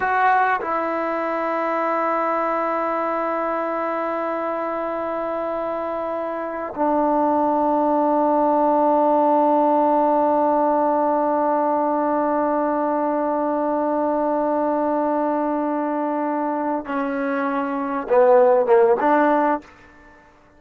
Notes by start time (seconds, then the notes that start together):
0.00 F#4
0.61 E4
6.75 D4
16.85 C#4
18.08 B3
18.66 A#3
19.00 D4